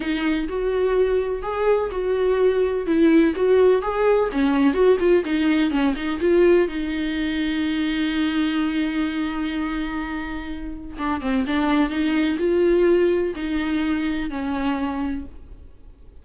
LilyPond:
\new Staff \with { instrumentName = "viola" } { \time 4/4 \tempo 4 = 126 dis'4 fis'2 gis'4 | fis'2 e'4 fis'4 | gis'4 cis'4 fis'8 f'8 dis'4 | cis'8 dis'8 f'4 dis'2~ |
dis'1~ | dis'2. d'8 c'8 | d'4 dis'4 f'2 | dis'2 cis'2 | }